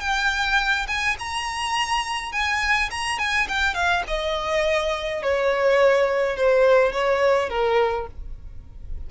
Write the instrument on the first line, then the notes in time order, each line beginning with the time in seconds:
violin
0.00 G5
0.87 G#5
1.19 A#5
2.32 G#5
2.90 A#5
3.18 G#5
3.48 G5
3.74 F5
4.07 D#5
5.22 C#5
6.36 C5
6.92 C#5
7.49 A#4